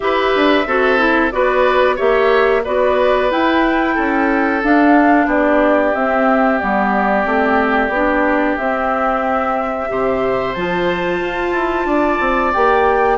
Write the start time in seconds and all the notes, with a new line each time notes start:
0.00 E4 G4 B4 E5
0.35 D4
0.66 C4 F#4 A4
0.97 E4
1.31 B3 F#4 B4 D5
1.95 A#3 G4 C#5 E5
2.63 B3 F#4 B4 D5
3.30 E4 G5
3.94 C#4 A4
4.62 D4 F5
5.26 B3 G4 D5
5.94 C4 E5
6.59 G3 B3 D5
7.24 A3 C4
7.88 B3 D4
8.56 C4 E5
9.88 C3 G4 C5
10.54 F3 F4 A5
11.20 F4
11.52 E4
11.85 D4 D5
12.20 C4
12.53 A#3 G4 G5